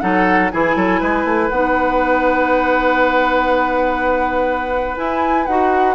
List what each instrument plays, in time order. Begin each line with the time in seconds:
0.00 bassoon F#3, clarinet D#4, oboe A4, flute F#5
0.51 bassoon E3, clarinet E4, oboe G#4, flute G#5
0.76 bassoon F#3, oboe A4
1.00 bassoon G#3, oboe B4
1.24 bassoon A3
1.49 bassoon B3, clarinet D#4, flute F#5
4.96 clarinet E4, bassoon E4, flute G#5
5.46 bassoon D#4, clarinet F#4, flute F#5